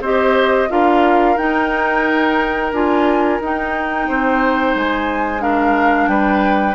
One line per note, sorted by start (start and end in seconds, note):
0.00 0.67 C4
0.00 0.68 G4
0.00 0.69 C5
0.00 0.70 D#5
0.68 1.37 D4
0.68 1.36 F4
0.68 4.07 A#4
0.68 1.37 F5
1.37 2.72 D#4
1.37 2.72 G5
2.72 3.39 D4
2.72 3.40 F4
2.72 3.41 G#5
3.40 4.07 D#4
3.40 5.39 D#4
3.40 4.77 G5
4.07 4.75 C4
4.07 5.42 C5
4.75 6.07 G#3
4.75 5.41 G#5
5.39 6.74 D4
5.39 6.09 A#4
5.39 6.07 F5
6.07 6.74 G3
6.07 6.74 B4
6.07 6.74 G5